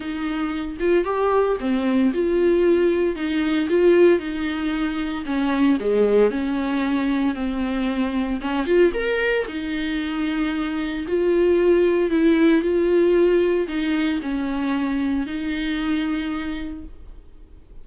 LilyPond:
\new Staff \with { instrumentName = "viola" } { \time 4/4 \tempo 4 = 114 dis'4. f'8 g'4 c'4 | f'2 dis'4 f'4 | dis'2 cis'4 gis4 | cis'2 c'2 |
cis'8 f'8 ais'4 dis'2~ | dis'4 f'2 e'4 | f'2 dis'4 cis'4~ | cis'4 dis'2. | }